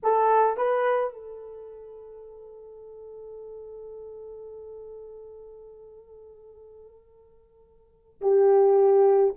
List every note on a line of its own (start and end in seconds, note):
0.03 0.57 A4
0.57 1.13 B4
1.13 8.20 A4
8.21 9.34 G4